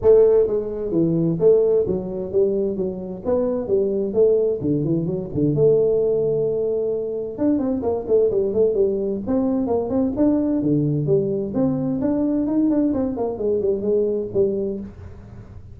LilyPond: \new Staff \with { instrumentName = "tuba" } { \time 4/4 \tempo 4 = 130 a4 gis4 e4 a4 | fis4 g4 fis4 b4 | g4 a4 d8 e8 fis8 d8 | a1 |
d'8 c'8 ais8 a8 g8 a8 g4 | c'4 ais8 c'8 d'4 d4 | g4 c'4 d'4 dis'8 d'8 | c'8 ais8 gis8 g8 gis4 g4 | }